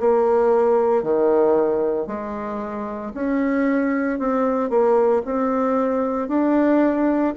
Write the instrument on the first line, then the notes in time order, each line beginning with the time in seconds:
bassoon
0.00 A#3
1.03 D#3
2.07 G#3
3.14 C#4
4.19 C4
4.69 A#3
5.25 C4
6.28 D4